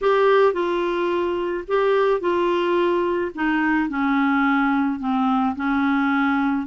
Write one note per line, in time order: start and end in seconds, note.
0.01 0.53 G4
0.53 1.64 F4
1.67 2.20 G4
2.20 3.31 F4
3.34 3.89 D#4
3.89 4.99 C#4
4.99 5.55 C4
5.55 6.66 C#4